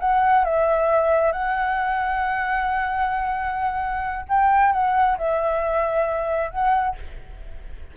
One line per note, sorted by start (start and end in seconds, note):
0.00 0.45 F#5
0.45 1.32 E5
1.32 4.26 F#5
4.29 4.73 G5
4.73 5.18 F#5
5.18 6.51 E5
6.51 6.96 F#5